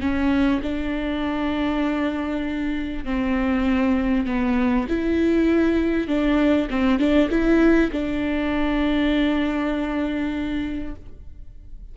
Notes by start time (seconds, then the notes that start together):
0.00 C#4
0.62 D4
3.04 C4
4.26 B3
4.89 E4
6.07 D4
6.70 C4
6.99 D4
7.30 E4
7.92 D4